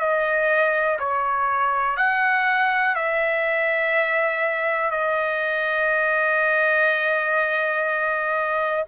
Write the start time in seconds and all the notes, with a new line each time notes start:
0.00 D#5
0.99 C#5
1.97 F#5
2.95 E5
4.91 D#5